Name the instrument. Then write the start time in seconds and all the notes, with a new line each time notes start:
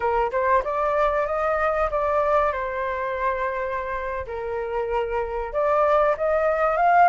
flute
0.00 A#4
0.31 C5
0.63 D5
1.26 D#5
1.90 D5
2.52 C5
4.27 A#4
5.52 D5
6.17 D#5
6.76 F5